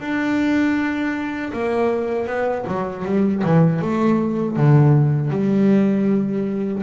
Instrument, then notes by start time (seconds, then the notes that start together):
double bass
0.00 D4
1.53 A#3
2.27 B3
2.67 F#3
3.05 G3
3.44 E3
3.81 A3
4.56 D3
5.30 G3